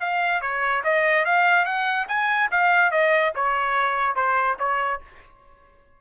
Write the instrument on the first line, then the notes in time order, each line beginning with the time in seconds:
trumpet
0.00 F5
0.41 C#5
0.84 D#5
1.25 F5
1.65 F#5
2.08 G#5
2.51 F5
2.91 D#5
3.35 C#5
4.15 C5
4.59 C#5